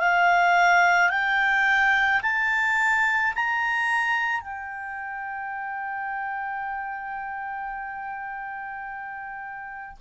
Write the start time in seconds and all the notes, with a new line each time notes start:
0.00 F5
1.10 G5
2.23 A5
3.36 A#5
4.41 G5